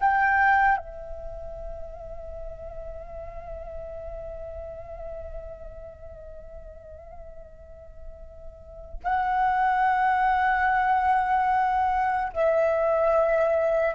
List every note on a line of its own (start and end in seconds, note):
0.00 0.77 G5
0.77 8.99 E5
9.04 12.33 F#5
12.33 13.95 E5